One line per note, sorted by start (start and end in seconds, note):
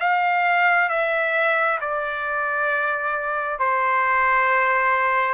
0.00 0.89 F5
0.89 1.79 E5
1.80 3.59 D5
3.59 5.34 C5